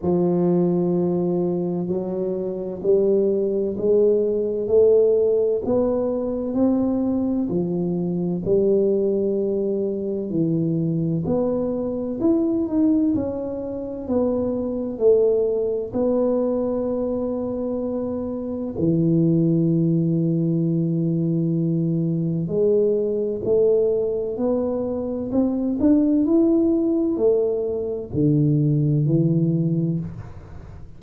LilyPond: \new Staff \with { instrumentName = "tuba" } { \time 4/4 \tempo 4 = 64 f2 fis4 g4 | gis4 a4 b4 c'4 | f4 g2 e4 | b4 e'8 dis'8 cis'4 b4 |
a4 b2. | e1 | gis4 a4 b4 c'8 d'8 | e'4 a4 d4 e4 | }